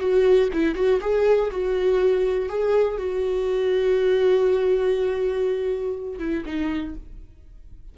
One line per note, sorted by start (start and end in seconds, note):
0.00 0.50 F#4
0.54 0.76 E4
0.76 1.00 F#4
1.02 1.51 G#4
1.51 2.49 F#4
2.49 2.98 G#4
2.98 6.20 F#4
6.20 6.44 E4
6.46 6.96 D#4